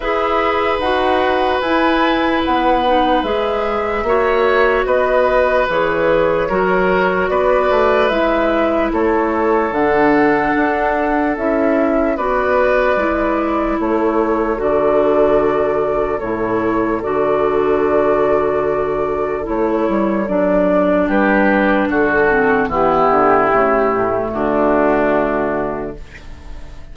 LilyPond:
<<
  \new Staff \with { instrumentName = "flute" } { \time 4/4 \tempo 4 = 74 e''4 fis''4 gis''4 fis''4 | e''2 dis''4 cis''4~ | cis''4 d''4 e''4 cis''4 | fis''2 e''4 d''4~ |
d''4 cis''4 d''2 | cis''4 d''2. | cis''4 d''4 b'4 a'4 | g'2 fis'2 | }
  \new Staff \with { instrumentName = "oboe" } { \time 4/4 b'1~ | b'4 cis''4 b'2 | ais'4 b'2 a'4~ | a'2. b'4~ |
b'4 a'2.~ | a'1~ | a'2 g'4 fis'4 | e'2 d'2 | }
  \new Staff \with { instrumentName = "clarinet" } { \time 4/4 gis'4 fis'4 e'4. dis'8 | gis'4 fis'2 gis'4 | fis'2 e'2 | d'2 e'4 fis'4 |
e'2 fis'2 | e'4 fis'2. | e'4 d'2~ d'8 c'8 | b4 a2. | }
  \new Staff \with { instrumentName = "bassoon" } { \time 4/4 e'4 dis'4 e'4 b4 | gis4 ais4 b4 e4 | fis4 b8 a8 gis4 a4 | d4 d'4 cis'4 b4 |
gis4 a4 d2 | a,4 d2. | a8 g8 fis4 g4 d4 | e8 d8 cis8 a,8 d2 | }
>>